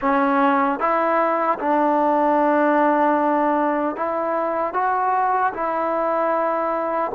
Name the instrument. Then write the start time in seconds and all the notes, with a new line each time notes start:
trombone
0.01 C#4
0.79 E4
1.59 D4
3.95 E4
4.73 F#4
5.53 E4